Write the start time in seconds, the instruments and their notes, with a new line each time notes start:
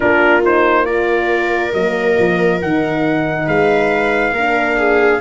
0.00 tuba A#3, horn D4, viola F4, trumpet A#4
0.44 horn D#4, trumpet C5
0.84 horn F4, viola A#4, trumpet D5
1.72 tuba F#3, horn A#3, trumpet D#5
2.18 tuba F3
2.61 tuba D#3, horn D#4, trumpet F#5
3.46 tuba G#3, viola B4, trumpet F5
4.32 tuba A#3, horn D4, viola A#4
4.77 viola G#4